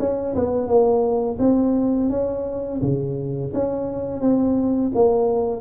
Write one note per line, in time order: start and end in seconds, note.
0.00 0.35 C#4
0.35 0.68 B3
0.68 1.38 A#3
1.40 2.10 C4
2.10 2.81 C#4
2.82 3.53 C#3
3.54 4.21 C#4
4.21 4.92 C4
4.95 5.61 A#3